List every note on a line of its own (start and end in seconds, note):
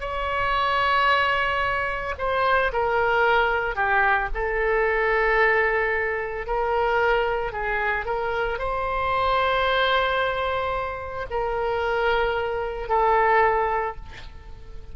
0.00 2.14 C#5
2.18 2.72 C5
2.73 3.75 A#4
3.75 4.29 G4
4.34 6.46 A4
6.46 7.52 A#4
7.52 8.06 G#4
8.06 8.58 A#4
8.58 11.26 C5
11.30 12.89 A#4
12.89 13.96 A4